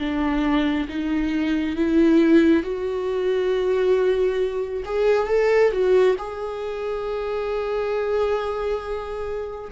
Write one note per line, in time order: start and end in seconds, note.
0.00 0.88 D4
0.89 1.76 D#4
1.76 2.63 E4
2.63 4.84 F#4
4.86 5.28 G#4
5.28 5.72 A4
5.72 6.16 F#4
6.19 9.72 G#4